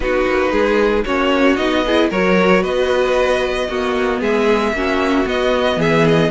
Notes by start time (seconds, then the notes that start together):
0.00 B3 D#4 F#4 B4
0.26 A#3
0.51 G#3 G#4
1.04 A#3 C#4 F#4 C#5
1.56 B3 D#4 D#5
1.85 E4 G#4
2.10 F#3 F#4 A#4 C#5
2.62 B3 B4 D#5
3.68 A#3 B3 F#4
4.20 G#3 G#4 E5
4.72 A#3 C#4 F#4
5.25 B3 D#5
5.76 E3 G#4 E5
6.08 D#5